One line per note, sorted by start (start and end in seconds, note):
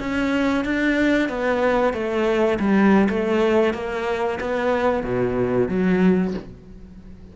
0.00 0.65 C#4
0.65 1.29 D4
1.29 1.94 B3
1.94 2.59 A3
2.60 3.09 G3
3.09 3.74 A3
3.74 4.39 A#3
4.41 5.04 B3
5.04 5.69 B2
5.69 6.34 F#3